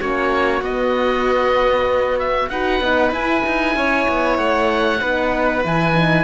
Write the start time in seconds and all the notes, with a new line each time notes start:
0.00 A#3 C#4 F#4 C#5
0.62 B3 D#5
2.20 E5
2.50 D#4 F#4 B4 F#5
2.81 B3 D#4
3.12 E4 G#5
3.47 D#4
3.76 C#4 C#5
4.09 B3
4.38 A3 F#5
5.01 B3 D#4 B4
5.63 E3 E4 G#5
5.94 D#4